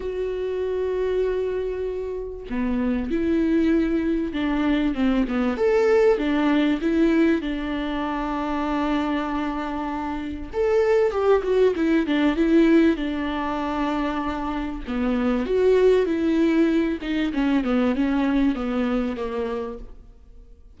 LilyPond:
\new Staff \with { instrumentName = "viola" } { \time 4/4 \tempo 4 = 97 fis'1 | b4 e'2 d'4 | c'8 b8 a'4 d'4 e'4 | d'1~ |
d'4 a'4 g'8 fis'8 e'8 d'8 | e'4 d'2. | b4 fis'4 e'4. dis'8 | cis'8 b8 cis'4 b4 ais4 | }